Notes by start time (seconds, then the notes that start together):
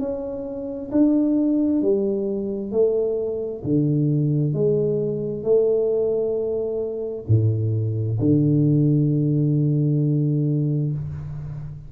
0.00 C#4
0.92 D4
1.82 G3
2.72 A3
3.64 D3
4.54 G#3
5.44 A3
7.28 A2
8.20 D3